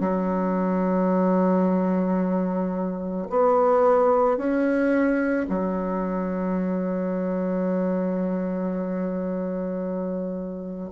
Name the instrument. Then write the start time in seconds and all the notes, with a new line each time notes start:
bassoon
0.00 F#3
3.29 B3
4.37 C#4
5.48 F#3